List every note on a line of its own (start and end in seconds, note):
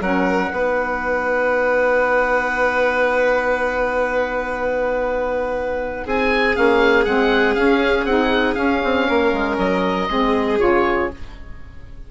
0.00 0.50 F#3
0.00 0.51 C#4
0.00 0.52 A#4
0.00 6.08 F#5
0.51 6.05 B3
0.51 6.54 D#4
0.51 6.05 B4
6.05 6.56 C4
6.05 9.07 G#4
6.05 6.56 G#5
6.54 7.06 A#3
6.54 7.04 C#4
6.54 7.04 F5
7.04 7.56 G#3
7.04 7.56 C4
7.04 7.55 F#5
7.55 8.05 C#4
7.55 8.07 C#4
7.55 8.05 F5
8.05 8.55 C4
8.05 8.55 D#4
8.05 8.55 F#5
8.55 10.06 C#4
8.55 8.82 C#4
8.55 9.56 F5
8.84 9.09 C4
9.08 9.32 A#3
9.08 10.09 A#4
9.32 9.57 G#3
9.58 10.08 F#3
9.58 10.59 D#5
10.09 10.59 G#3
10.09 10.60 C4
10.09 11.11 G#4
10.59 11.10 C#3
10.59 11.10 F4
10.59 11.09 C#5